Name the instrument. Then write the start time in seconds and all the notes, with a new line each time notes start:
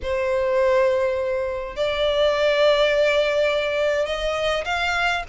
violin
0.02 C5
1.76 D5
4.06 D#5
4.64 F5